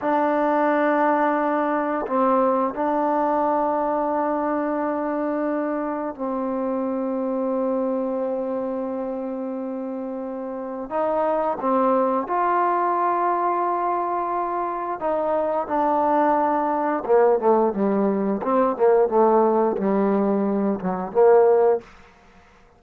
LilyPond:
\new Staff \with { instrumentName = "trombone" } { \time 4/4 \tempo 4 = 88 d'2. c'4 | d'1~ | d'4 c'2.~ | c'1 |
dis'4 c'4 f'2~ | f'2 dis'4 d'4~ | d'4 ais8 a8 g4 c'8 ais8 | a4 g4. fis8 ais4 | }